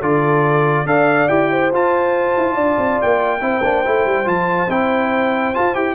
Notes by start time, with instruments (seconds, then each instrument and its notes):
0.00 tuba D3, trombone F4, horn A4, trumpet D5
0.85 tuba D4, trombone A4, horn D5, trumpet F5
1.28 tuba E4, trombone G4, trumpet G5
1.51 horn C5
1.72 tuba F4, trombone F4, trumpet A5
2.37 tuba E4
2.54 tuba D4, horn D5
2.77 tuba C4
3.01 tuba A#3, trumpet G5
3.40 tuba C4, trombone E4, horn C5
3.63 tuba A#3, trombone D4
3.84 tuba A3, trombone E4
4.05 tuba G3
4.25 tuba F3, trombone F4, trumpet A5
4.69 tuba C4, trombone E4, trumpet G5
5.54 trombone F4, tuba F4, trumpet A5
5.74 tuba E4, trombone G4, trumpet G5